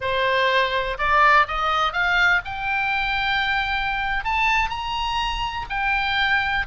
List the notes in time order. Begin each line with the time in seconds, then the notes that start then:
0.00 C5
0.98 D5
1.47 D#5
1.92 F5
2.45 G5
4.24 A5
4.69 A#5
5.69 G5